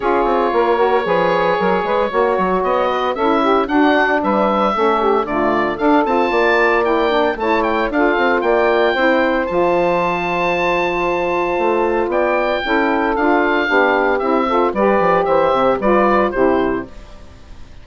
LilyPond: <<
  \new Staff \with { instrumentName = "oboe" } { \time 4/4 \tempo 4 = 114 cis''1~ | cis''4 dis''4 e''4 fis''4 | e''2 d''4 f''8 a''8~ | a''4 g''4 a''8 g''8 f''4 |
g''2 a''2~ | a''2. g''4~ | g''4 f''2 e''4 | d''4 e''4 d''4 c''4 | }
  \new Staff \with { instrumentName = "saxophone" } { \time 4/4 gis'4 ais'4 b'4 ais'8 b'8 | cis''4. b'8 a'8 g'8 fis'4 | b'4 a'8 g'8 f'4 a'4 | d''2 cis''4 a'4 |
d''4 c''2.~ | c''2. d''4 | a'2 g'4. a'8 | b'4 c''4 b'4 g'4 | }
  \new Staff \with { instrumentName = "saxophone" } { \time 4/4 f'4. fis'8 gis'2 | fis'2 e'4 d'4~ | d'4 cis'4 a4 d'8 f'8~ | f'4 e'8 d'8 e'4 f'4~ |
f'4 e'4 f'2~ | f'1 | e'4 f'4 d'4 e'8 f'8 | g'2 f'4 e'4 | }
  \new Staff \with { instrumentName = "bassoon" } { \time 4/4 cis'8 c'8 ais4 f4 fis8 gis8 | ais8 fis8 b4 cis'4 d'4 | g4 a4 d4 d'8 c'8 | ais2 a4 d'8 c'8 |
ais4 c'4 f2~ | f2 a4 b4 | cis'4 d'4 b4 c'4 | g8 f8 e8 c8 g4 c4 | }
>>